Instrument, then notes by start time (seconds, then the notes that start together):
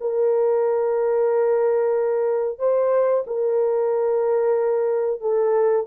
horn
0.00 A#4
2.58 C5
3.27 A#4
5.21 A4